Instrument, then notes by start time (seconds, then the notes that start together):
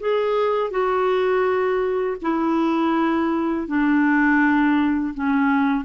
clarinet
0.00 G#4
0.71 F#4
2.22 E4
3.68 D4
5.15 C#4